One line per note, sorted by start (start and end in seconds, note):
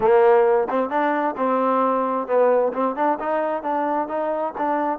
0.00 0.68 A#3
0.69 0.89 C4
0.89 1.35 D4
1.36 2.27 C4
2.27 2.72 B3
2.73 2.95 C4
2.95 3.18 D4
3.19 3.62 D#4
3.62 4.08 D4
4.08 4.53 D#4
4.57 4.99 D4